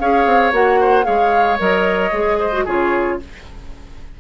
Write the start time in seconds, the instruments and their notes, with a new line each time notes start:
0.00 bassoon C#4, clarinet G#4, oboe C#5, flute F5
0.26 bassoon C4
0.53 bassoon A#3, clarinet F#4, flute F#5
0.81 oboe C5
1.04 bassoon G#3, clarinet G#4, oboe C#5, flute F5
1.59 bassoon F#3, clarinet A#4, flute D#5
2.12 bassoon G#3, clarinet G#4
2.40 oboe C5
2.53 clarinet F#4
2.65 bassoon C#3, clarinet F4, oboe G#4, flute C#5